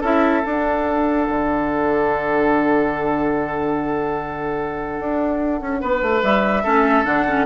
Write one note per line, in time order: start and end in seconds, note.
0.00 0.42 C#4
0.00 0.42 E4
0.00 5.79 A4
0.00 0.44 E5
0.42 6.63 D4
0.42 1.28 D4
0.42 6.23 F#5
1.29 4.99 D3
4.99 5.60 D4
5.60 5.81 C#4
5.81 6.01 B3
5.81 6.63 B4
6.01 6.22 A3
6.22 6.64 G3
6.22 7.05 E5
6.63 7.05 A3
6.63 7.05 C#4
6.63 7.45 A4
7.05 7.45 D3
7.05 7.25 D4
7.05 7.45 F#5
7.27 7.45 C#4